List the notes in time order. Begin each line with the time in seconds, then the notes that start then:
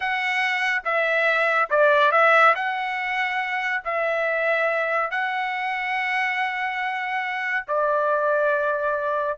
0.00 F#5
0.84 E5
1.70 D5
2.11 E5
2.55 F#5
3.84 E5
5.10 F#5
7.67 D5